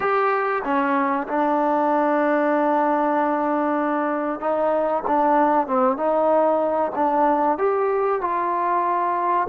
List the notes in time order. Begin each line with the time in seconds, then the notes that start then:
0.00 G4
0.63 C#4
1.27 D4
4.40 D#4
5.07 D4
5.67 C4
5.97 D#4
6.95 D4
7.58 G4
8.21 F4